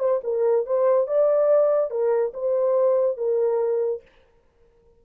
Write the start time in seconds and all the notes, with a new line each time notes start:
0.00 C5
0.24 A#4
0.66 C5
1.08 D5
1.91 A#4
2.34 C5
3.17 A#4